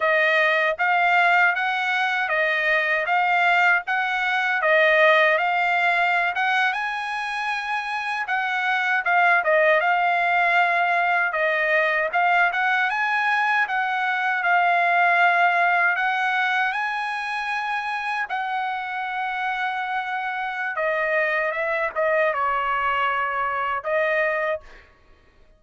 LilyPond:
\new Staff \with { instrumentName = "trumpet" } { \time 4/4 \tempo 4 = 78 dis''4 f''4 fis''4 dis''4 | f''4 fis''4 dis''4 f''4~ | f''16 fis''8 gis''2 fis''4 f''16~ | f''16 dis''8 f''2 dis''4 f''16~ |
f''16 fis''8 gis''4 fis''4 f''4~ f''16~ | f''8. fis''4 gis''2 fis''16~ | fis''2. dis''4 | e''8 dis''8 cis''2 dis''4 | }